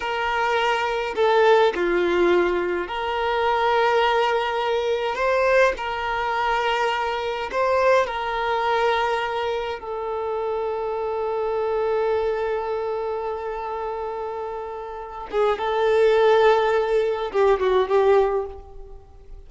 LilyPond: \new Staff \with { instrumentName = "violin" } { \time 4/4 \tempo 4 = 104 ais'2 a'4 f'4~ | f'4 ais'2.~ | ais'4 c''4 ais'2~ | ais'4 c''4 ais'2~ |
ais'4 a'2.~ | a'1~ | a'2~ a'8 gis'8 a'4~ | a'2 g'8 fis'8 g'4 | }